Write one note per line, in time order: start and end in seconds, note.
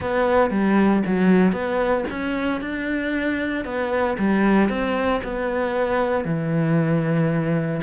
0.00 0.50 B3
0.50 1.02 G3
1.06 1.52 F#3
1.52 2.04 B3
2.10 2.60 C#4
2.60 3.64 D4
3.64 4.16 B3
4.18 4.69 G3
4.69 5.21 C4
5.23 6.24 B3
6.24 7.81 E3